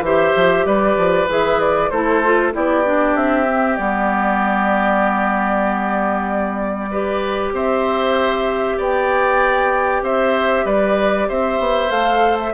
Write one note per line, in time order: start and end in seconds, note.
0.00 0.31 E3
0.00 1.28 G4
0.00 0.65 C5
0.00 0.66 E5
0.36 0.65 F3
0.65 0.97 G3
0.65 1.90 B4
0.65 1.28 D5
0.97 1.28 F3
1.28 1.90 E3
1.28 1.90 G#4
1.28 1.60 E5
1.60 1.90 D5
1.90 2.54 A3
1.90 2.24 E4
1.90 2.53 A4
1.90 2.52 C5
2.24 2.52 F4
2.52 3.15 B3
2.52 2.83 E4
2.52 6.90 G4
2.52 3.16 D5
2.85 3.46 D4
3.15 3.78 C4
3.15 3.76 E5
3.46 3.77 C4
3.76 7.52 G3
3.76 6.90 B3
3.76 7.51 D5
6.90 11.88 G4
6.90 7.53 B4
7.52 8.77 C4
7.52 8.77 C5
7.52 8.80 E5
8.77 10.02 B3
8.77 10.02 D5
8.77 10.04 G5
10.02 10.64 C4
10.02 10.65 C5
10.02 10.66 E5
10.65 11.27 G3
10.65 11.27 B4
10.65 11.28 D5
11.28 11.59 C4
11.28 12.53 C5
11.28 11.90 E5
11.59 11.90 B3
11.88 12.52 A3
11.88 12.51 A4
11.88 12.37 F5
12.38 12.53 E5